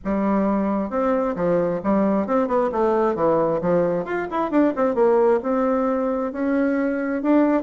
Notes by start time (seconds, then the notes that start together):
0.04 G3
0.90 C4
1.35 F3
1.83 G3
2.26 C4
2.47 B3
2.72 A3
3.15 E3
3.61 F3
4.05 F4
4.31 E4
4.51 D4
4.76 C4
4.95 A#3
5.43 C4
6.32 C#4
7.22 D4